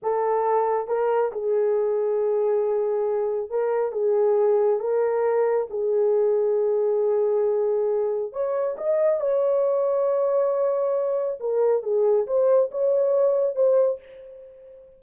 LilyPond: \new Staff \with { instrumentName = "horn" } { \time 4/4 \tempo 4 = 137 a'2 ais'4 gis'4~ | gis'1 | ais'4 gis'2 ais'4~ | ais'4 gis'2.~ |
gis'2. cis''4 | dis''4 cis''2.~ | cis''2 ais'4 gis'4 | c''4 cis''2 c''4 | }